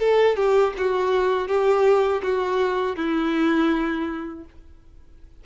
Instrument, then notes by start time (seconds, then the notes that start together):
violin
0.00 A4
0.37 G4
0.78 F#4
1.48 G4
2.23 F#4
2.97 E4